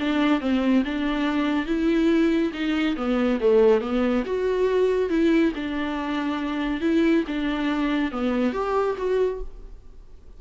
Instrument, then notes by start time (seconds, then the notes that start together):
viola
0.00 D4
0.41 C4
0.85 D4
1.67 E4
2.53 D#4
2.97 B3
3.41 A3
3.81 B3
4.26 F#4
5.10 E4
5.55 D4
6.81 E4
7.27 D4
8.12 B3
8.53 G4
8.98 F#4